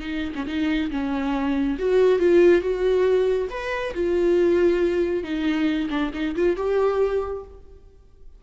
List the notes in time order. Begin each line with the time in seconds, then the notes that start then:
0.00 D#4
0.35 C#4
0.47 D#4
0.91 C#4
1.79 F#4
2.19 F4
2.62 F#4
3.50 B4
3.94 F4
5.23 D#4
5.90 D4
6.13 D#4
6.36 F4
6.56 G4